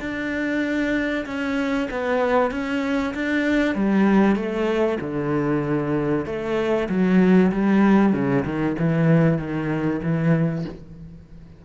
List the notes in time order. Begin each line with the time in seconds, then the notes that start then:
0.00 D4
1.26 C#4
1.90 B3
2.51 C#4
3.14 D4
3.75 G3
4.36 A3
5.01 D3
6.26 A3
6.89 F#3
7.52 G3
8.12 C#3
8.45 D#3
8.79 E3
9.38 D#3
10.02 E3